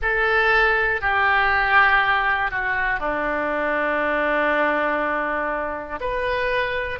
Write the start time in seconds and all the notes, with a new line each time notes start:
0.02 A4
1.00 G4
2.50 F#4
3.00 D4
6.00 B4